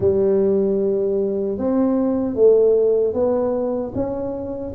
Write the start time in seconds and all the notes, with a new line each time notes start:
0.00 G3
1.58 C4
2.35 A3
3.13 B3
3.95 C#4